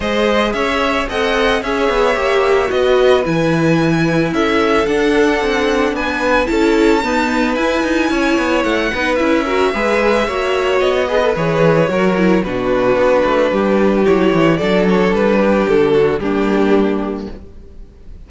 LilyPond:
<<
  \new Staff \with { instrumentName = "violin" } { \time 4/4 \tempo 4 = 111 dis''4 e''4 fis''4 e''4~ | e''4 dis''4 gis''2 | e''4 fis''2 gis''4 | a''2 gis''2 |
fis''4 e''2. | dis''4 cis''2 b'4~ | b'2 cis''4 d''8 cis''8 | b'4 a'4 g'2 | }
  \new Staff \with { instrumentName = "violin" } { \time 4/4 c''4 cis''4 dis''4 cis''4~ | cis''4 b'2. | a'2. b'4 | a'4 b'2 cis''4~ |
cis''8 b'4 ais'8 b'4 cis''4~ | cis''8 b'4. ais'4 fis'4~ | fis'4 g'2 a'4~ | a'8 g'4 fis'8 d'2 | }
  \new Staff \with { instrumentName = "viola" } { \time 4/4 gis'2 a'4 gis'4 | g'4 fis'4 e'2~ | e'4 d'2. | e'4 b4 e'2~ |
e'8 dis'8 e'8 fis'8 gis'4 fis'4~ | fis'8 gis'16 a'16 gis'4 fis'8 e'8 d'4~ | d'2 e'4 d'4~ | d'2 ais2 | }
  \new Staff \with { instrumentName = "cello" } { \time 4/4 gis4 cis'4 c'4 cis'8 b8 | ais4 b4 e2 | cis'4 d'4 c'4 b4 | cis'4 dis'4 e'8 dis'8 cis'8 b8 |
a8 b8 cis'4 gis4 ais4 | b4 e4 fis4 b,4 | b8 a8 g4 fis8 e8 fis4 | g4 d4 g2 | }
>>